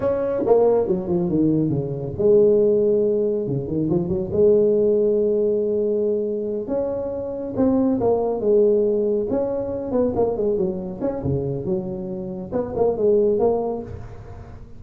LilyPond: \new Staff \with { instrumentName = "tuba" } { \time 4/4 \tempo 4 = 139 cis'4 ais4 fis8 f8 dis4 | cis4 gis2. | cis8 dis8 f8 fis8 gis2~ | gis2.~ gis8 cis'8~ |
cis'4. c'4 ais4 gis8~ | gis4. cis'4. b8 ais8 | gis8 fis4 cis'8 cis4 fis4~ | fis4 b8 ais8 gis4 ais4 | }